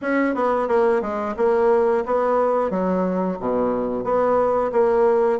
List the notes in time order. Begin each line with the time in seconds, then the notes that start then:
0.01 C#4
0.34 B3
0.67 A#3
1.01 G#3
1.37 A#3
2.05 B3
2.70 F#3
3.39 B2
4.04 B3
4.72 A#3